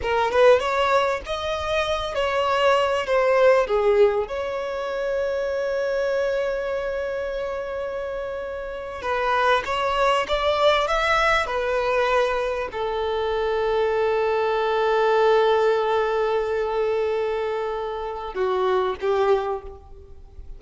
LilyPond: \new Staff \with { instrumentName = "violin" } { \time 4/4 \tempo 4 = 98 ais'8 b'8 cis''4 dis''4. cis''8~ | cis''4 c''4 gis'4 cis''4~ | cis''1~ | cis''2~ cis''8. b'4 cis''16~ |
cis''8. d''4 e''4 b'4~ b'16~ | b'8. a'2.~ a'16~ | a'1~ | a'2 fis'4 g'4 | }